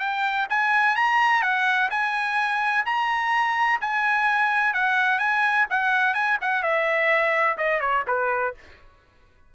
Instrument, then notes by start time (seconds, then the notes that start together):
trumpet
0.00 G5
0.50 G#5
0.97 A#5
1.43 F#5
1.91 G#5
2.86 A#5
3.81 G#5
4.74 F#5
5.19 G#5
5.71 F#5
6.15 G#5
6.42 F#5
6.63 E5
7.58 D#5
7.81 C#5
8.08 B4